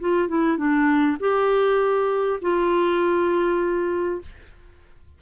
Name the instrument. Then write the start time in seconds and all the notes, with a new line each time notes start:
clarinet
0.00 F4
0.28 E4
0.57 D4
1.19 G4
2.41 F4